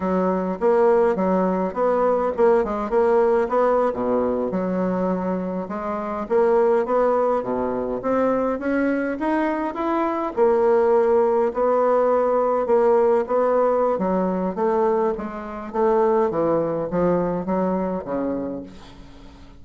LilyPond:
\new Staff \with { instrumentName = "bassoon" } { \time 4/4 \tempo 4 = 103 fis4 ais4 fis4 b4 | ais8 gis8 ais4 b8. b,4 fis16~ | fis4.~ fis16 gis4 ais4 b16~ | b8. b,4 c'4 cis'4 dis'16~ |
dis'8. e'4 ais2 b16~ | b4.~ b16 ais4 b4~ b16 | fis4 a4 gis4 a4 | e4 f4 fis4 cis4 | }